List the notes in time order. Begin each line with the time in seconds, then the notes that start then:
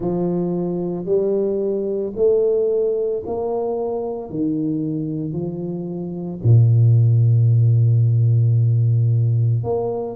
0.00 F3
1.05 G3
2.15 A3
3.25 A#3
4.30 D#3
5.33 F3
6.43 A#2
9.63 A#3